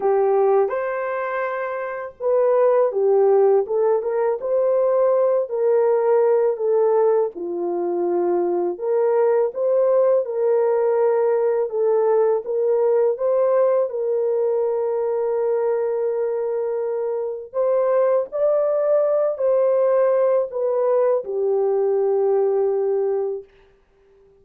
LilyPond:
\new Staff \with { instrumentName = "horn" } { \time 4/4 \tempo 4 = 82 g'4 c''2 b'4 | g'4 a'8 ais'8 c''4. ais'8~ | ais'4 a'4 f'2 | ais'4 c''4 ais'2 |
a'4 ais'4 c''4 ais'4~ | ais'1 | c''4 d''4. c''4. | b'4 g'2. | }